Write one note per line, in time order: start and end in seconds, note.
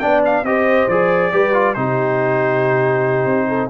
0.00 0.43 B3
0.00 0.45 D4
0.00 0.46 D5
0.00 0.22 G5
0.26 0.45 F5
0.43 0.87 C4
0.43 0.90 G4
0.43 1.33 C5
0.43 0.89 D#5
0.88 1.32 F3
0.88 1.32 G#4
0.88 1.75 D5
1.32 1.76 G3
1.32 1.54 G4
1.32 1.76 B4
1.54 1.75 F4
1.75 3.26 C3
1.75 3.70 D#4
1.75 3.48 G4
1.75 3.70 C5
3.26 3.70 C4
3.48 3.70 A4